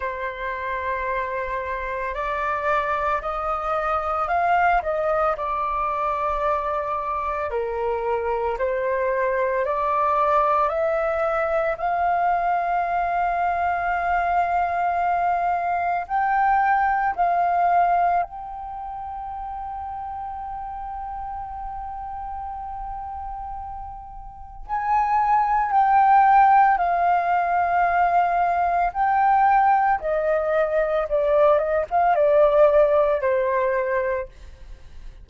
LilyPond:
\new Staff \with { instrumentName = "flute" } { \time 4/4 \tempo 4 = 56 c''2 d''4 dis''4 | f''8 dis''8 d''2 ais'4 | c''4 d''4 e''4 f''4~ | f''2. g''4 |
f''4 g''2.~ | g''2. gis''4 | g''4 f''2 g''4 | dis''4 d''8 dis''16 f''16 d''4 c''4 | }